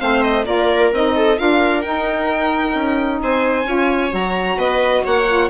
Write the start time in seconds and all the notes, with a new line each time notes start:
0.00 A3 C4 C5 F5
0.22 D#5
0.46 A#3 F4 A#4 D5
0.93 C4 D#4 D#5
1.16 A4
1.37 D4 F4 A#4 F5
1.82 D#4 G5
2.74 C#4
3.23 C4 C5 G#5
3.65 C#4 F4 C#5
4.10 F#3 F#4 A#5
4.57 B3 B4 D#5
5.04 A#3 C#5 F#5
5.27 F4